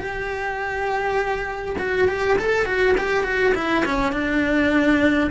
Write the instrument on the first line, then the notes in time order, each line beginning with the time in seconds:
cello
0.00 G4
1.79 F#4
2.08 G4
2.39 A4
2.66 F#4
2.98 G4
3.24 F#4
3.55 E4
3.86 C#4
4.13 D4